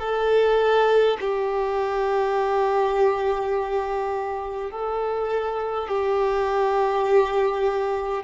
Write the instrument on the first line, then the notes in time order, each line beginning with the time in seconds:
violin
0.00 A4
1.21 G4
4.72 A4
5.88 G4